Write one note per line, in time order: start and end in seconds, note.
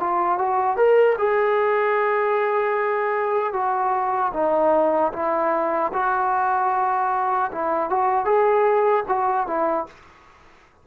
0.00 0.39 F4
0.39 0.77 F#4
0.77 1.17 A#4
1.18 3.53 G#4
3.53 4.32 F#4
4.34 5.13 D#4
5.13 5.92 E4
5.94 7.51 F#4
7.52 7.90 E4
7.90 8.25 F#4
8.25 9.04 G#4
9.09 9.47 F#4
9.47 9.87 E4